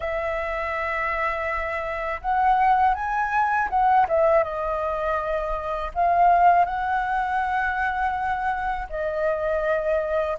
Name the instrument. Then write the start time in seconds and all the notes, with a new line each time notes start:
flute
0.00 E5
2.21 F#5
2.94 G#5
3.69 F#5
4.08 E5
4.43 D#5
5.94 F5
6.65 F#5
8.89 D#5